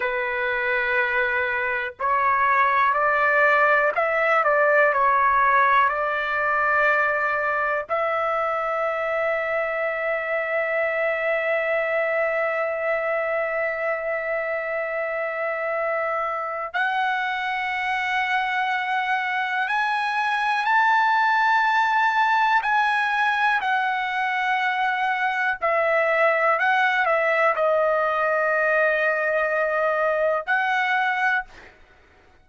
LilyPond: \new Staff \with { instrumentName = "trumpet" } { \time 4/4 \tempo 4 = 61 b'2 cis''4 d''4 | e''8 d''8 cis''4 d''2 | e''1~ | e''1~ |
e''4 fis''2. | gis''4 a''2 gis''4 | fis''2 e''4 fis''8 e''8 | dis''2. fis''4 | }